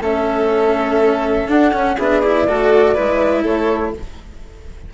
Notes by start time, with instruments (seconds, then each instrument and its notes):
0.00 bassoon A3, cello C#4, violin A4, flute E5
1.47 bassoon D4, cello D4, flute F#5
1.73 bassoon C#4, cello C#4
1.95 bassoon B3, cello D4, violin G#4, flute E5
2.20 cello E4, flute D5
2.47 bassoon A3, cello F#4, violin A4
2.94 bassoon G#3, cello E4, violin B4
3.43 bassoon A3, violin A4, flute C#5